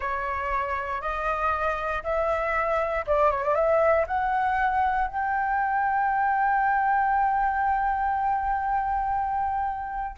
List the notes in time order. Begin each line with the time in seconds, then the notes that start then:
0.00 C#5
1.01 D#5
2.03 E5
3.06 D5
3.31 C#5
3.43 D5
3.54 E5
4.07 F#5
5.07 G5